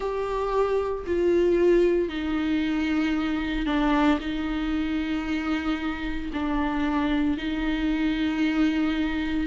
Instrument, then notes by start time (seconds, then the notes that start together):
viola
0.00 G4
1.06 F4
2.09 D#4
3.66 D4
4.20 D#4
6.33 D4
7.37 D#4